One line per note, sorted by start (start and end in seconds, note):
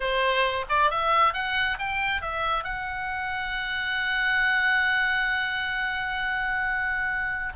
0.00 0.65 C5
0.69 0.90 D5
0.90 1.33 E5
1.33 1.78 F#5
1.78 2.21 G5
2.21 2.64 E5
2.64 7.53 F#5